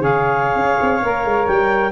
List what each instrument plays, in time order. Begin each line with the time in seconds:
0.00 tuba C#3, saxophone G#4, flute C#5, clarinet F5
0.56 tuba C#4
0.82 tuba C4
1.02 tuba A#3, saxophone A#4
1.24 tuba G#3
1.47 tuba G3, clarinet G5